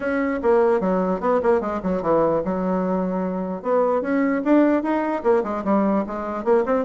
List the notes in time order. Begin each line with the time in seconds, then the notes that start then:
0.00 C#4
0.42 A#3
0.80 F#3
1.20 B3
1.42 A#3
1.60 G#3
1.82 F#3
2.01 E3
2.45 F#3
3.62 B3
4.01 C#4
4.44 D4
4.82 D#4
5.23 A#3
5.43 G#3
5.64 G3
6.06 G#3
6.44 A#3
6.65 C4